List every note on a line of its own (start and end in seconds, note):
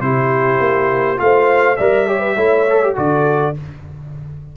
0.00 0.59 C3
0.00 1.16 E4
0.00 1.22 G4
0.00 1.18 C5
0.60 1.19 A#3
1.16 1.78 A3
1.16 1.75 F4
1.16 1.78 C5
1.16 1.76 F5
1.76 2.36 G3
1.76 2.07 A#4
1.76 2.07 D5
1.76 2.94 E5
2.07 2.36 G4
2.07 2.19 C#5
2.19 2.34 B4
2.36 2.94 A3
2.36 2.66 E4
2.36 2.95 C#5
2.69 2.82 A4
2.82 2.95 G4
2.95 3.56 D3
2.95 3.54 F#4
2.95 3.54 A4
2.95 3.56 D5